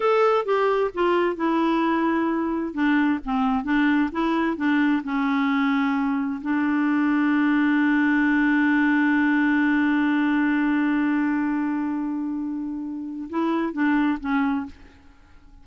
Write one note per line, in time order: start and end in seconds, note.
0.00 0.45 A4
0.45 0.91 G4
0.93 1.36 F4
1.36 2.73 E4
2.73 3.19 D4
3.24 3.64 C4
3.64 4.10 D4
4.12 4.56 E4
4.56 5.02 D4
5.03 6.41 C#4
6.41 13.28 D4
13.29 13.72 E4
13.72 14.18 D4
14.20 14.66 C#4